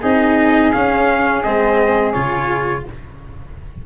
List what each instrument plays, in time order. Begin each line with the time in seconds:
0.00 tuba C4, cello D#4, flute G#4, trumpet D#5
0.72 cello C#4, tuba C#4, trumpet F5
1.43 tuba G#3, cello C4, trumpet D#5
2.13 tuba C#3, cello F4, trumpet C#5